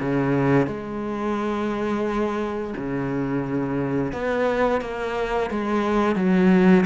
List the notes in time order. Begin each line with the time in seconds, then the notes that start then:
0.00 C#3
0.67 G#3
2.77 C#3
4.13 B3
4.82 A#3
5.51 G#3
6.16 F#3